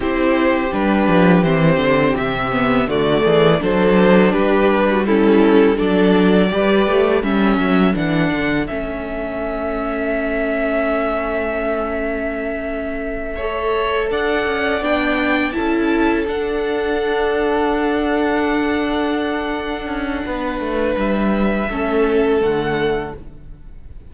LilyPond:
<<
  \new Staff \with { instrumentName = "violin" } { \time 4/4 \tempo 4 = 83 c''4 b'4 c''4 e''4 | d''4 c''4 b'4 a'4 | d''2 e''4 fis''4 | e''1~ |
e''2.~ e''8 fis''8~ | fis''8 g''4 a''4 fis''4.~ | fis''1~ | fis''4 e''2 fis''4 | }
  \new Staff \with { instrumentName = "violin" } { \time 4/4 g'1 | fis'8 gis'8 a'4 g'8. fis'16 e'4 | a'4 b'4 a'2~ | a'1~ |
a'2~ a'8 cis''4 d''8~ | d''4. a'2~ a'8~ | a'1 | b'2 a'2 | }
  \new Staff \with { instrumentName = "viola" } { \time 4/4 e'4 d'4 c'4. b8 | a4 d'2 cis'4 | d'4 g'4 cis'4 d'4 | cis'1~ |
cis'2~ cis'8 a'4.~ | a'8 d'4 e'4 d'4.~ | d'1~ | d'2 cis'4 a4 | }
  \new Staff \with { instrumentName = "cello" } { \time 4/4 c'4 g8 f8 e8 d8 c4 | d8 e8 fis4 g2 | fis4 g8 a8 g8 fis8 e8 d8 | a1~ |
a2.~ a8 d'8 | cis'8 b4 cis'4 d'4.~ | d'2.~ d'8 cis'8 | b8 a8 g4 a4 d4 | }
>>